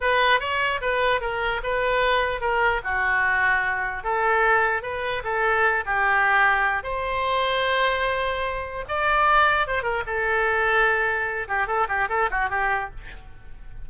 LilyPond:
\new Staff \with { instrumentName = "oboe" } { \time 4/4 \tempo 4 = 149 b'4 cis''4 b'4 ais'4 | b'2 ais'4 fis'4~ | fis'2 a'2 | b'4 a'4. g'4.~ |
g'4 c''2.~ | c''2 d''2 | c''8 ais'8 a'2.~ | a'8 g'8 a'8 g'8 a'8 fis'8 g'4 | }